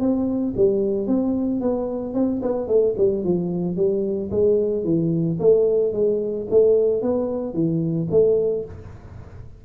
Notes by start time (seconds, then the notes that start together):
0.00 C4
0.56 G3
1.07 C4
1.61 B3
2.14 C4
2.42 B3
2.68 A3
2.98 G3
3.24 F3
3.76 G3
4.31 G#3
4.84 E3
5.40 A3
5.93 G#3
6.50 A3
7.02 B3
7.53 E3
8.11 A3